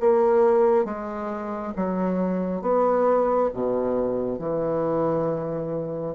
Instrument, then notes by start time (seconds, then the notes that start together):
bassoon
0.00 A#3
0.85 G#3
1.76 F#3
2.61 B3
3.54 B2
4.39 E3